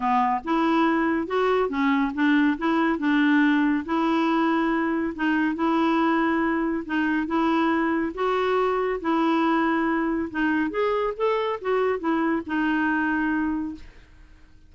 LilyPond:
\new Staff \with { instrumentName = "clarinet" } { \time 4/4 \tempo 4 = 140 b4 e'2 fis'4 | cis'4 d'4 e'4 d'4~ | d'4 e'2. | dis'4 e'2. |
dis'4 e'2 fis'4~ | fis'4 e'2. | dis'4 gis'4 a'4 fis'4 | e'4 dis'2. | }